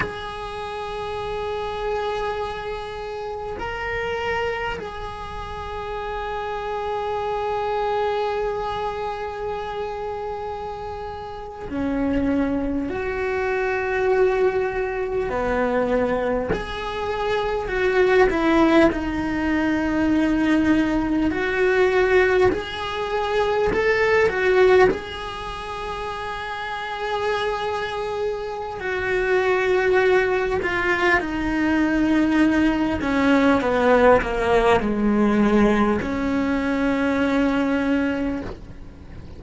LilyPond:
\new Staff \with { instrumentName = "cello" } { \time 4/4 \tempo 4 = 50 gis'2. ais'4 | gis'1~ | gis'4.~ gis'16 cis'4 fis'4~ fis'16~ | fis'8. b4 gis'4 fis'8 e'8 dis'16~ |
dis'4.~ dis'16 fis'4 gis'4 a'16~ | a'16 fis'8 gis'2.~ gis'16 | fis'4. f'8 dis'4. cis'8 | b8 ais8 gis4 cis'2 | }